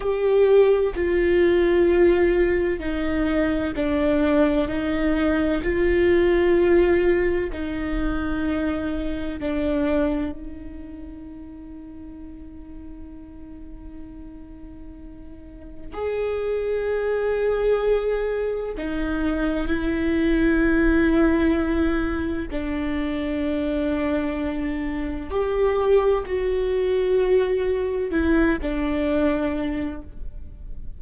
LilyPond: \new Staff \with { instrumentName = "viola" } { \time 4/4 \tempo 4 = 64 g'4 f'2 dis'4 | d'4 dis'4 f'2 | dis'2 d'4 dis'4~ | dis'1~ |
dis'4 gis'2. | dis'4 e'2. | d'2. g'4 | fis'2 e'8 d'4. | }